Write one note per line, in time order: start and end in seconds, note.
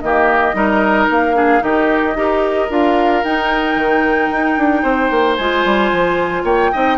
0.00 0.54 D#3
0.00 0.54 A#3
0.00 0.55 G4
0.00 1.07 D#5
0.54 1.07 G3
0.54 1.34 D#4
0.54 1.36 A#4
1.09 1.62 A#3
1.09 1.63 F5
1.34 1.59 D4
1.34 1.62 G#4
1.59 2.15 D#3
1.59 2.13 D#4
1.59 2.17 G4
1.59 2.71 D#5
2.15 2.68 D#4
2.15 2.69 G4
2.15 4.82 A#4
2.69 3.23 D4
2.69 3.23 F4
2.69 3.24 F5
3.23 3.75 D#4
3.23 5.39 D#4
3.23 5.36 G5
3.75 4.29 D#3
4.31 4.57 D#4
4.57 4.83 D4
4.82 5.10 C4
4.82 6.43 C5
5.10 5.37 A#3
5.36 5.65 G#3
5.36 6.73 F4
5.36 6.43 G#5
5.65 5.92 G3
5.92 6.43 F3
6.43 6.70 A#3
6.43 6.70 C#5
6.43 6.98 G5
6.72 6.98 C4
6.72 6.98 D#4
6.72 6.98 D#5